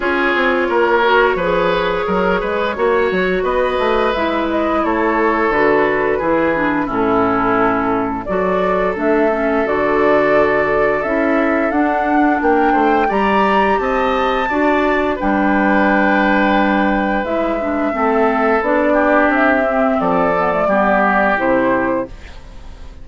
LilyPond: <<
  \new Staff \with { instrumentName = "flute" } { \time 4/4 \tempo 4 = 87 cis''1~ | cis''4 dis''4 e''8 dis''8 cis''4 | b'2 a'2 | d''4 e''4 d''2 |
e''4 fis''4 g''4 ais''4 | a''2 g''2~ | g''4 e''2 d''4 | e''4 d''2 c''4 | }
  \new Staff \with { instrumentName = "oboe" } { \time 4/4 gis'4 ais'4 b'4 ais'8 b'8 | cis''4 b'2 a'4~ | a'4 gis'4 e'2 | a'1~ |
a'2 ais'8 c''8 d''4 | dis''4 d''4 b'2~ | b'2 a'4. g'8~ | g'4 a'4 g'2 | }
  \new Staff \with { instrumentName = "clarinet" } { \time 4/4 f'4. fis'8 gis'2 | fis'2 e'2 | fis'4 e'8 d'8 cis'2 | fis'4 d'8 cis'8 fis'2 |
e'4 d'2 g'4~ | g'4 fis'4 d'2~ | d'4 e'8 d'8 c'4 d'4~ | d'8 c'4 b16 a16 b4 e'4 | }
  \new Staff \with { instrumentName = "bassoon" } { \time 4/4 cis'8 c'8 ais4 f4 fis8 gis8 | ais8 fis8 b8 a8 gis4 a4 | d4 e4 a,2 | fis4 a4 d2 |
cis'4 d'4 ais8 a8 g4 | c'4 d'4 g2~ | g4 gis4 a4 b4 | c'4 f4 g4 c4 | }
>>